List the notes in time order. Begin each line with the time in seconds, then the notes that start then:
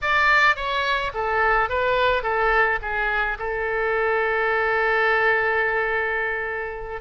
0.01 D5
0.56 C#5
1.14 A4
1.69 B4
2.23 A4
2.81 G#4
3.38 A4